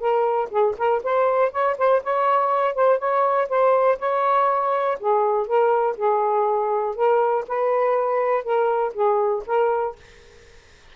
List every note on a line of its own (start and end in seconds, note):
0.00 0.50 A#4
0.50 0.75 G#4
0.78 1.03 A#4
1.03 1.52 C5
1.52 1.77 C#5
1.78 2.03 C5
2.04 2.75 C#5
2.75 2.99 C5
2.99 3.48 C#5
3.49 3.98 C5
3.99 4.98 C#5
5.00 5.47 G#4
5.47 5.97 A#4
5.97 6.96 G#4
6.96 7.45 A#4
7.48 8.44 B4
8.44 8.94 A#4
8.94 9.43 G#4
9.46 9.96 A#4